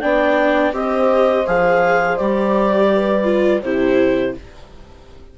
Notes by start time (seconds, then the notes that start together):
0.00 B3 D4 D5 G5
0.72 C4 G4 C5 D#5
1.47 F3 G#4 F5
2.17 G3 G4 D5
2.93 B4
3.24 F4
3.62 C3 E4 G4 C5